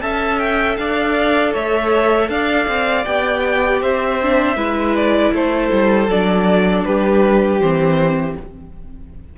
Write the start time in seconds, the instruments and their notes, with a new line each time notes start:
0.00 cello C#4, viola A4, violin E5 A5
0.39 violin G5
0.77 cello D4, violin D5 F5
1.53 cello A3, violin C#5 E5
2.29 cello D4, violin D5 F5
2.68 cello C4
3.05 cello B3, viola G4, violin G5
3.81 cello C4, violin C5 E5
4.22 viola D4
4.56 cello G#3, viola E4, violin B4
4.96 violin D5
5.32 cello A3, violin A4 C5
5.72 cello G3
6.08 cello F#3, viola D4, violin D5
6.84 cello G3, violin G4 B4
7.60 cello E3, viola C4, violin C5